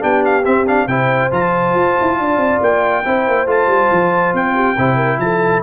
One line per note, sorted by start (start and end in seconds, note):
0.00 0.46 B3
0.00 0.43 D4
0.00 0.87 G4
0.00 0.24 G5
0.24 0.44 F5
0.44 0.66 C4
0.44 0.86 C4
0.44 0.66 E5
0.66 0.88 D4
0.66 0.87 F5
0.86 1.30 C3
0.86 1.31 E4
0.86 2.18 C5
0.86 1.30 G5
1.31 1.74 F3
1.31 3.03 F4
1.31 2.62 A5
1.75 1.96 F4
2.00 2.19 E4
2.19 2.37 D4
2.19 3.05 D5
2.37 2.58 C4
2.60 3.04 A#3
2.60 3.49 G5
3.04 3.27 C4
3.04 3.46 E4
3.04 4.54 C5
3.27 3.46 A#3
3.46 3.66 A3
3.46 4.76 F4
3.46 4.35 A5
3.66 3.88 G3
3.91 4.33 F3
4.33 4.76 C4
4.33 5.19 G5
4.54 4.76 G4
4.77 5.18 C3
4.77 5.62 E4
4.77 4.96 C5
4.96 5.17 A#4
5.18 5.61 F3
5.18 5.62 A4
5.18 5.62 A5